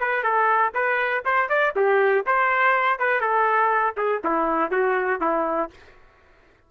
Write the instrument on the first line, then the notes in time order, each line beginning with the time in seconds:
trumpet
0.00 B4
0.23 A4
0.74 B4
1.25 C5
1.49 D5
1.76 G4
2.26 C5
2.99 B4
3.20 A4
3.96 G#4
4.24 E4
4.71 F#4
5.20 E4